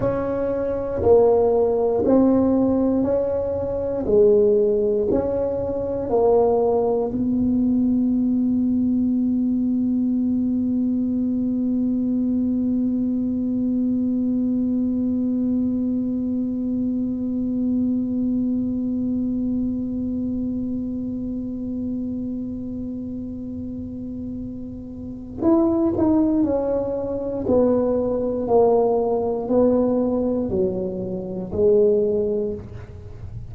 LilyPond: \new Staff \with { instrumentName = "tuba" } { \time 4/4 \tempo 4 = 59 cis'4 ais4 c'4 cis'4 | gis4 cis'4 ais4 b4~ | b1~ | b1~ |
b1~ | b1~ | b4 e'8 dis'8 cis'4 b4 | ais4 b4 fis4 gis4 | }